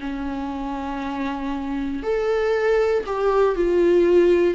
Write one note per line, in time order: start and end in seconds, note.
0.00 2.03 C#4
2.03 3.04 A4
3.06 3.56 G4
3.56 4.55 F4